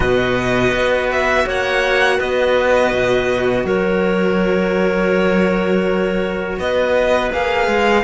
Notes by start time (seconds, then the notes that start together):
0.00 B2 F#4 B4 D#5
0.71 B3
1.11 E5
1.46 A#3 C#5 F#5
2.17 B3 B4 D#5
2.94 B2
3.64 F#3 A#4 C#5
6.58 B3 B4 D#5
7.31 A#3 G#4 F5
7.67 G#3